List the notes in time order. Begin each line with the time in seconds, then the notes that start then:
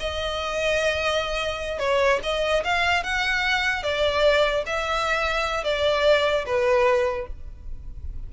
0.00 D#5
1.79 C#5
2.23 D#5
2.64 F5
3.03 F#5
3.83 D5
4.66 E5
5.64 D5
6.46 B4